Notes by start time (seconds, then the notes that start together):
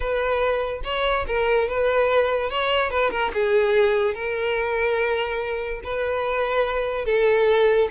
0.00 B4
0.84 C#5
1.27 A#4
1.68 B4
2.50 C#5
2.90 B4
3.10 A#4
3.33 G#4
4.14 A#4
5.83 B4
7.05 A4